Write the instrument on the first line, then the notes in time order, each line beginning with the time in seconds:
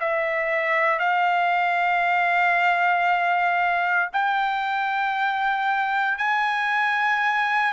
trumpet
0.00 E5
0.99 F5
4.13 G5
6.18 G#5